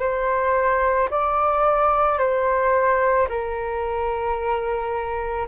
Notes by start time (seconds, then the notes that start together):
0.00 C5
1.11 D5
2.19 C5
3.29 A#4